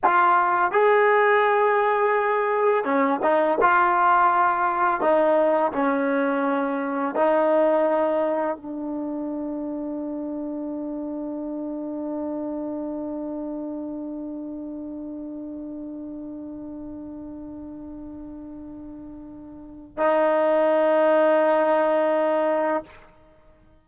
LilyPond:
\new Staff \with { instrumentName = "trombone" } { \time 4/4 \tempo 4 = 84 f'4 gis'2. | cis'8 dis'8 f'2 dis'4 | cis'2 dis'2 | d'1~ |
d'1~ | d'1~ | d'1 | dis'1 | }